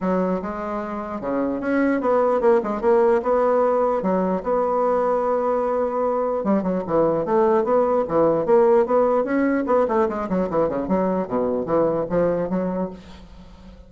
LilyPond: \new Staff \with { instrumentName = "bassoon" } { \time 4/4 \tempo 4 = 149 fis4 gis2 cis4 | cis'4 b4 ais8 gis8 ais4 | b2 fis4 b4~ | b1 |
g8 fis8 e4 a4 b4 | e4 ais4 b4 cis'4 | b8 a8 gis8 fis8 e8 cis8 fis4 | b,4 e4 f4 fis4 | }